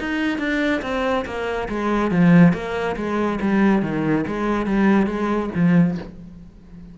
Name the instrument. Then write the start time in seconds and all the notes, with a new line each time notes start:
cello
0.00 D#4
0.39 D4
0.82 C4
1.25 A#3
1.69 G#3
2.11 F3
2.53 A#3
2.96 G#3
3.41 G3
3.83 D#3
4.27 G#3
4.66 G3
5.07 G#3
5.55 F3